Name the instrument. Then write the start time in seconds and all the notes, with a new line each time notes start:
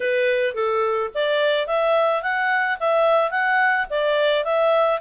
clarinet
0.00 B4
0.54 A4
1.14 D5
1.67 E5
2.22 F#5
2.79 E5
3.30 F#5
3.90 D5
4.44 E5